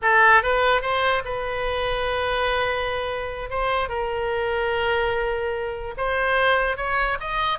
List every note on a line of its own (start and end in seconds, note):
0.02 0.42 A4
0.42 0.81 B4
0.81 1.22 C5
1.25 3.50 B4
3.50 3.89 C5
3.89 5.94 A#4
5.97 6.76 C5
6.76 7.17 C#5
7.19 7.58 D#5